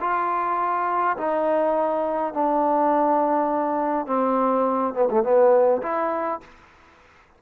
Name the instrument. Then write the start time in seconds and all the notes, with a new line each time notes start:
trombone
0.00 F4
1.17 D#4
2.33 D4
4.06 C4
4.94 B3
5.10 A3
5.23 B3
5.82 E4